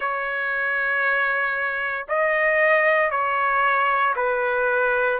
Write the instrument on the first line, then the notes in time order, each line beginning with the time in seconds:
trumpet
0.00 C#5
2.08 D#5
3.10 C#5
4.16 B4